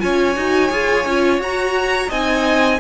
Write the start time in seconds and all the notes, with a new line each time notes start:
0.00 C#4 F4 C#5 G#5
0.36 D#4 F#4
0.71 F4 G#4
1.06 C#4 F4
1.39 F#4 A#5
2.09 C4 D#4 D#5 G#5